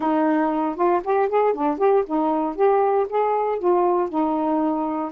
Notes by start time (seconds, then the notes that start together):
0.00 D#4
0.75 F4
1.03 G4
1.28 G#4
1.53 D4
1.78 G4
2.06 D#4
2.55 G4
3.09 G#4
3.59 F4
4.09 D#4